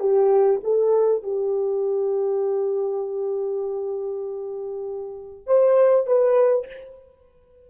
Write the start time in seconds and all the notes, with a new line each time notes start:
0.00 G4
0.63 A4
1.23 G4
5.47 C5
6.07 B4